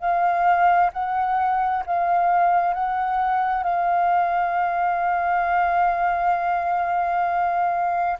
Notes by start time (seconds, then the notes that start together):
0.00 F5
0.93 F#5
1.86 F5
2.74 F#5
3.64 F5